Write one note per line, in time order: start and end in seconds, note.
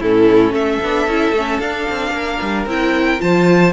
0.00 0.51 A2
0.00 0.83 C#4
0.00 0.53 E4
0.00 0.55 A4
0.51 0.78 A3
0.51 2.12 A4
0.51 1.60 E5
0.83 1.07 B3
0.83 1.09 D4
1.07 1.32 C#4
1.07 1.35 E4
1.32 1.58 A3
1.32 1.62 C#4
1.60 1.86 D4
1.60 2.68 D4
1.60 2.66 F5
1.90 2.11 C4
2.11 2.38 A#3
2.11 3.22 A#4
2.41 2.66 G3
2.66 3.19 C4
2.66 3.18 E4
2.66 3.21 G5
3.18 3.73 F3
3.18 3.72 F4
3.18 3.73 C5
3.18 3.73 A5